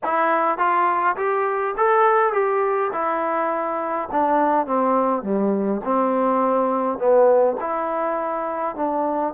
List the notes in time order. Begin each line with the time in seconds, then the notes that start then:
0.03 E4
0.57 F4
1.16 G4
1.77 A4
2.32 G4
2.92 E4
4.11 D4
4.66 C4
5.23 G3
5.84 C4
6.98 B3
7.60 E4
8.75 D4